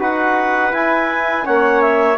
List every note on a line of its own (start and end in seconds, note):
0.00 0.73 D#4
0.00 0.72 F#4
0.00 1.46 B4
0.00 0.74 F#5
0.72 1.44 E4
0.72 1.47 E4
0.72 1.46 G#5
1.44 2.18 A#3
1.44 2.17 C#4
1.44 2.18 C#5
1.44 1.82 F#5
1.82 2.18 E5